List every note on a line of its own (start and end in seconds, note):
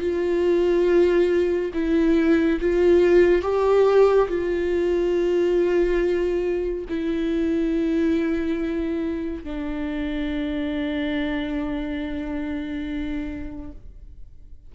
0.00 1.71 F4
1.73 2.59 E4
2.61 3.42 F4
3.42 4.28 G4
4.28 6.85 F4
6.89 9.43 E4
9.43 13.72 D4